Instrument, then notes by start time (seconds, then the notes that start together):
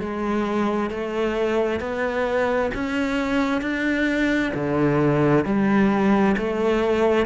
cello
0.00 G#3
0.90 A3
1.81 B3
2.74 C#4
3.62 D4
4.55 D3
5.45 G3
6.38 A3